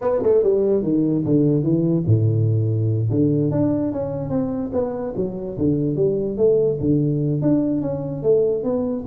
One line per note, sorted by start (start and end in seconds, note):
0.01 0.21 B3
0.22 0.43 A3
0.43 0.82 G3
0.82 1.23 D#3
1.25 1.63 D3
1.63 2.04 E3
2.06 3.09 A2
3.10 3.51 D3
3.51 3.92 D4
3.92 4.29 C#4
4.29 4.71 C4
4.72 5.14 B3
5.16 5.57 F#3
5.57 5.96 D3
5.96 6.37 G3
6.37 6.78 A3
6.80 7.41 D3
7.41 7.81 D4
7.81 8.22 C#4
8.22 8.63 A3
8.63 9.04 B3